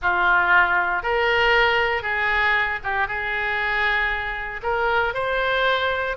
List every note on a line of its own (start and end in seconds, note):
0.01 1.03 F4
1.03 2.02 A#4
2.02 2.79 G#4
2.83 3.07 G4
3.07 4.61 G#4
4.62 5.14 A#4
5.14 6.16 C5